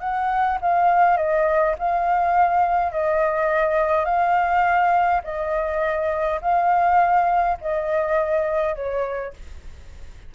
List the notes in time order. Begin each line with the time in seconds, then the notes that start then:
0.00 F#5
0.61 F5
1.17 D#5
1.79 F5
2.93 D#5
4.05 F5
5.24 D#5
6.42 F5
7.61 D#5
8.75 C#5